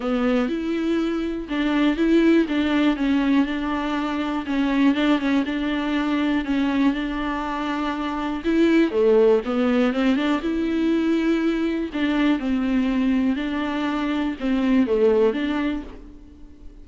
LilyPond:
\new Staff \with { instrumentName = "viola" } { \time 4/4 \tempo 4 = 121 b4 e'2 d'4 | e'4 d'4 cis'4 d'4~ | d'4 cis'4 d'8 cis'8 d'4~ | d'4 cis'4 d'2~ |
d'4 e'4 a4 b4 | c'8 d'8 e'2. | d'4 c'2 d'4~ | d'4 c'4 a4 d'4 | }